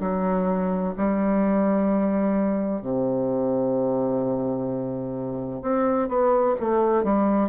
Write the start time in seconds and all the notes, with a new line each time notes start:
0.00 F#3
0.97 G3
2.81 C3
5.62 C4
6.08 B3
6.60 A3
7.03 G3